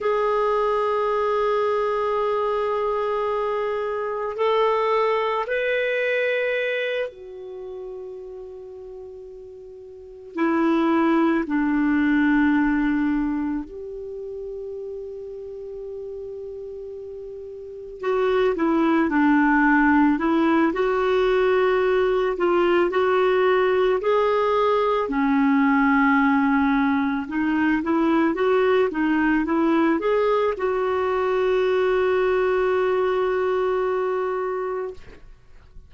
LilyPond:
\new Staff \with { instrumentName = "clarinet" } { \time 4/4 \tempo 4 = 55 gis'1 | a'4 b'4. fis'4.~ | fis'4. e'4 d'4.~ | d'8 g'2.~ g'8~ |
g'8 fis'8 e'8 d'4 e'8 fis'4~ | fis'8 f'8 fis'4 gis'4 cis'4~ | cis'4 dis'8 e'8 fis'8 dis'8 e'8 gis'8 | fis'1 | }